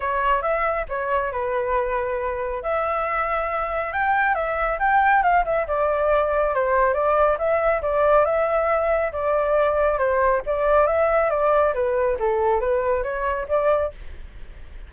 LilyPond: \new Staff \with { instrumentName = "flute" } { \time 4/4 \tempo 4 = 138 cis''4 e''4 cis''4 b'4~ | b'2 e''2~ | e''4 g''4 e''4 g''4 | f''8 e''8 d''2 c''4 |
d''4 e''4 d''4 e''4~ | e''4 d''2 c''4 | d''4 e''4 d''4 b'4 | a'4 b'4 cis''4 d''4 | }